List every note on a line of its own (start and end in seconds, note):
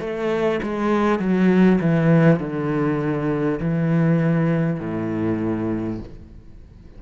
0.00 0.60 A3
0.63 1.19 G#3
1.19 1.79 F#3
1.81 2.39 E3
2.39 3.59 D3
3.61 4.80 E3
4.80 6.00 A2